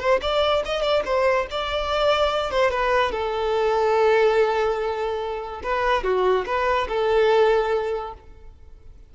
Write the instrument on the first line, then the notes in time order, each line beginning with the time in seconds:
violin
0.00 C5
0.22 D5
0.66 D#5
0.82 D5
1.05 C5
1.51 D5
2.51 C5
2.71 B4
3.12 A4
5.63 B4
6.04 F#4
6.46 B4
6.89 A4